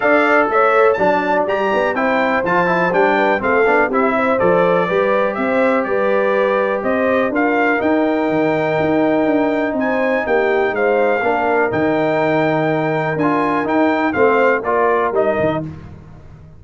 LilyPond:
<<
  \new Staff \with { instrumentName = "trumpet" } { \time 4/4 \tempo 4 = 123 f''4 e''4 a''4 ais''4 | g''4 a''4 g''4 f''4 | e''4 d''2 e''4 | d''2 dis''4 f''4 |
g''1 | gis''4 g''4 f''2 | g''2. gis''4 | g''4 f''4 d''4 dis''4 | }
  \new Staff \with { instrumentName = "horn" } { \time 4/4 d''4 cis''4 d''2 | c''2~ c''8 b'8 a'4 | g'8 c''4. b'4 c''4 | b'2 c''4 ais'4~ |
ais'1 | c''4 g'4 c''4 ais'4~ | ais'1~ | ais'4 c''4 ais'2 | }
  \new Staff \with { instrumentName = "trombone" } { \time 4/4 a'2 d'4 g'4 | e'4 f'8 e'8 d'4 c'8 d'8 | e'4 a'4 g'2~ | g'2. f'4 |
dis'1~ | dis'2. d'4 | dis'2. f'4 | dis'4 c'4 f'4 dis'4 | }
  \new Staff \with { instrumentName = "tuba" } { \time 4/4 d'4 a4 fis4 g8 b8 | c'4 f4 g4 a8 b8 | c'4 f4 g4 c'4 | g2 c'4 d'4 |
dis'4 dis4 dis'4 d'4 | c'4 ais4 gis4 ais4 | dis2. d'4 | dis'4 a4 ais4 g8 dis8 | }
>>